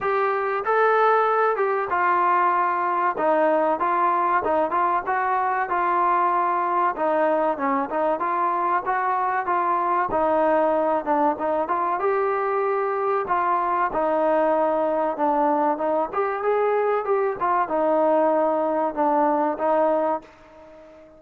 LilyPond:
\new Staff \with { instrumentName = "trombone" } { \time 4/4 \tempo 4 = 95 g'4 a'4. g'8 f'4~ | f'4 dis'4 f'4 dis'8 f'8 | fis'4 f'2 dis'4 | cis'8 dis'8 f'4 fis'4 f'4 |
dis'4. d'8 dis'8 f'8 g'4~ | g'4 f'4 dis'2 | d'4 dis'8 g'8 gis'4 g'8 f'8 | dis'2 d'4 dis'4 | }